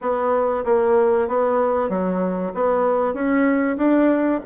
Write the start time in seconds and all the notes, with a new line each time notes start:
0.01 B3
0.64 A#3
1.28 B3
1.89 F#3
2.54 B3
3.13 C#4
3.77 D4